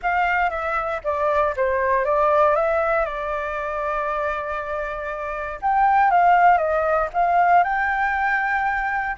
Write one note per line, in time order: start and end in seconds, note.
0.02 0.49 F5
0.49 1.00 E5
1.04 1.54 D5
1.56 2.04 C5
2.04 2.55 D5
2.55 3.05 E5
3.05 5.59 D5
5.61 6.10 G5
6.10 6.57 F5
6.57 7.08 D#5
7.13 7.63 F5
7.63 9.16 G5